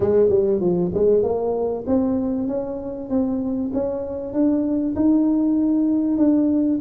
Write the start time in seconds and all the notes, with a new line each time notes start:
0.00 G#3
0.29 G3
0.60 F3
0.94 G#3
1.23 A#3
1.87 C4
2.47 C#4
3.09 C4
3.73 C#4
4.33 D4
4.95 D#4
6.17 D4